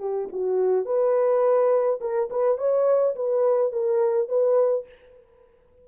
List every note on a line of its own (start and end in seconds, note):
0.00 0.29 G4
0.33 0.86 F#4
0.86 2.00 B4
2.01 2.30 A#4
2.31 2.58 B4
2.58 3.16 C#5
3.16 3.73 B4
3.73 4.29 A#4
4.29 4.86 B4